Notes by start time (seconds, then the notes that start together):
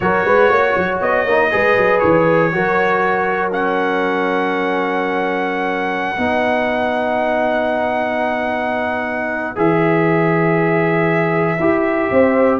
0.00 F#3 F#4 A#4 C#5
0.24 G#3 B4
0.49 A#3 C#5
0.76 F#3
1.01 B3 D#5
1.25 A#3 D#4
1.50 G#3 G#4 B4
1.76 F#3
1.99 E3 C#5
2.52 F#3 F#4 A#4
3.51 C#4 F#5
6.16 B3 D#4 B4
9.55 E3 G#4 E5
11.59 E4 G4
12.10 C4 C5